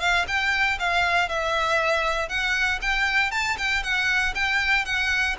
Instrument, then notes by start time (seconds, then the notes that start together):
violin
0.00 F5
0.28 G5
0.79 F5
1.29 E5
2.28 F#5
2.81 G5
3.31 A5
3.58 G5
3.83 F#5
4.34 G5
4.85 F#5